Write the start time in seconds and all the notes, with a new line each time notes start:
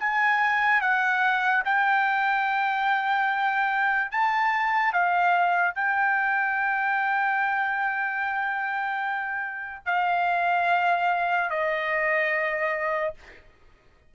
0.00 G#5
0.82 F#5
1.66 G5
4.12 A5
4.94 F5
5.75 G5
9.86 F5
11.51 D#5